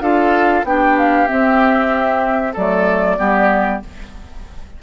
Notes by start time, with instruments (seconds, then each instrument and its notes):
0.00 bassoon D4, clarinet F4, oboe A4, flute F5
0.63 bassoon B3, clarinet D4, oboe G4, flute G5
0.97 flute F5
1.27 clarinet C4, bassoon C4, flute E5
2.52 bassoon F#3, clarinet A3, oboe A4, flute D5
3.17 bassoon G3, clarinet B3, oboe G4